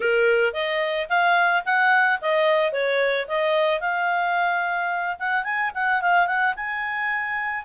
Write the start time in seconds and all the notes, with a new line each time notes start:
0.00 A#4
0.53 D#5
1.09 F5
1.65 F#5
2.21 D#5
2.72 C#5
3.27 D#5
3.80 F5
5.19 F#5
5.44 G#5
5.74 F#5
6.01 F5
6.27 F#5
6.56 G#5